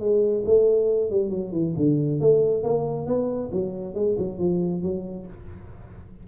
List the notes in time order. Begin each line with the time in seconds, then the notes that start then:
0.00 G#3
0.46 A3
1.11 G3
1.31 F#3
1.52 E3
1.77 D3
2.21 A3
2.64 A#3
3.07 B3
3.53 F#3
3.95 G#3
4.19 F#3
4.39 F3
4.83 F#3